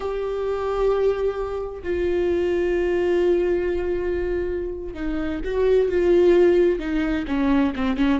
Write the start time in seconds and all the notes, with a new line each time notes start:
0.00 G4
1.82 F4
4.94 D#4
5.44 F#4
5.89 F4
6.79 D#4
7.27 C#4
7.75 C4
7.96 C#4